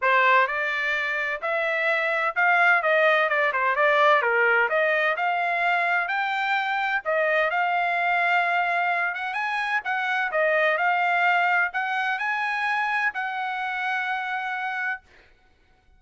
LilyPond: \new Staff \with { instrumentName = "trumpet" } { \time 4/4 \tempo 4 = 128 c''4 d''2 e''4~ | e''4 f''4 dis''4 d''8 c''8 | d''4 ais'4 dis''4 f''4~ | f''4 g''2 dis''4 |
f''2.~ f''8 fis''8 | gis''4 fis''4 dis''4 f''4~ | f''4 fis''4 gis''2 | fis''1 | }